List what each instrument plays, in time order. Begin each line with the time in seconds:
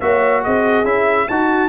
0.00 tuba A#3, trombone F#4, horn C#5, trumpet E5
0.43 tuba C4, horn G#4, trumpet D#5
0.84 tuba C#4, trombone E4, trumpet E5
1.28 tuba D#4, horn F#4, trombone F#4, trumpet A5